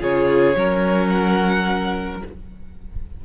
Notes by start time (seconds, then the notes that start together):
0.00 C#3 F4 G#4 C#5
0.56 F#3 C#4 A#4
1.09 F#5